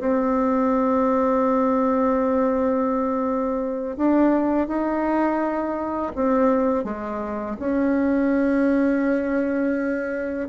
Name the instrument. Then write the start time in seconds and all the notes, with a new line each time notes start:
bassoon
0.00 C4
3.97 D4
4.68 D#4
6.15 C4
6.84 G#3
7.59 C#4